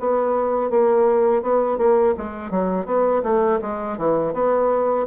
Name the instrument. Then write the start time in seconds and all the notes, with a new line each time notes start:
bassoon
0.00 B3
0.71 A#3
1.42 B3
1.78 A#3
2.18 G#3
2.51 F#3
2.86 B3
3.23 A3
3.62 G#3
3.98 E3
4.33 B3